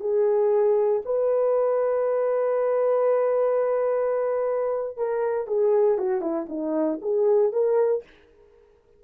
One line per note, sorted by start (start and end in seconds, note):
0.00 1.02 G#4
1.06 4.98 B4
4.98 5.48 A#4
5.48 5.98 G#4
5.98 6.21 F#4
6.21 6.47 E4
6.49 7.00 D#4
7.02 7.53 G#4
7.53 8.04 A#4